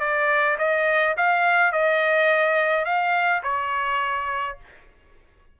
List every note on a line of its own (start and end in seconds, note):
0.00 0.57 D5
0.58 1.15 D#5
1.17 1.72 F5
1.72 2.85 D#5
2.85 3.42 F5
3.43 4.58 C#5